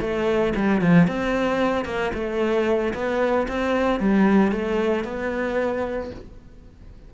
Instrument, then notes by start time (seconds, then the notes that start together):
cello
0.00 A3
0.55 G3
0.81 F3
1.07 C4
1.85 A#3
2.14 A3
2.94 B3
3.48 C4
3.99 G3
4.52 A3
5.04 B3